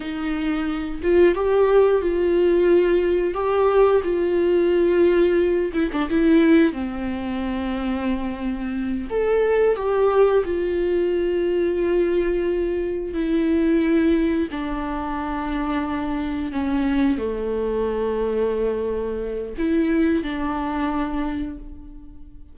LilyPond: \new Staff \with { instrumentName = "viola" } { \time 4/4 \tempo 4 = 89 dis'4. f'8 g'4 f'4~ | f'4 g'4 f'2~ | f'8 e'16 d'16 e'4 c'2~ | c'4. a'4 g'4 f'8~ |
f'2.~ f'8 e'8~ | e'4. d'2~ d'8~ | d'8 cis'4 a2~ a8~ | a4 e'4 d'2 | }